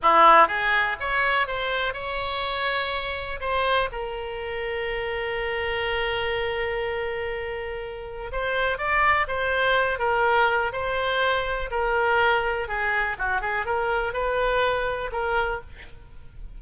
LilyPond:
\new Staff \with { instrumentName = "oboe" } { \time 4/4 \tempo 4 = 123 e'4 gis'4 cis''4 c''4 | cis''2. c''4 | ais'1~ | ais'1~ |
ais'4 c''4 d''4 c''4~ | c''8 ais'4. c''2 | ais'2 gis'4 fis'8 gis'8 | ais'4 b'2 ais'4 | }